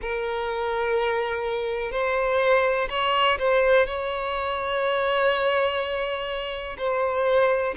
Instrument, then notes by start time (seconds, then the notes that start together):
violin
0.01 A#4
1.91 C5
2.89 C#5
3.39 C5
3.86 C#5
6.77 C5